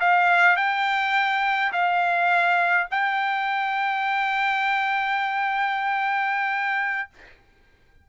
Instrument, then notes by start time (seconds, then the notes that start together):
trumpet
0.00 F5
0.57 G5
1.73 F5
2.91 G5